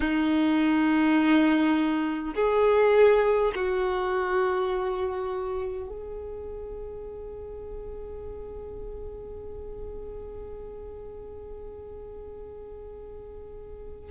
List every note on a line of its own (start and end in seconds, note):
0.00 2.34 D#4
2.34 3.52 G#4
3.55 5.88 F#4
5.88 14.10 G#4